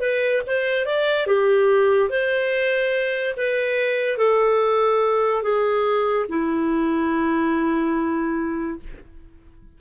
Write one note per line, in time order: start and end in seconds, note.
0.00 0.42 B4
0.47 0.86 C5
0.86 1.27 D5
1.27 2.10 G4
2.10 3.35 C5
3.37 4.18 B4
4.18 5.43 A4
5.43 6.26 G#4
6.29 8.79 E4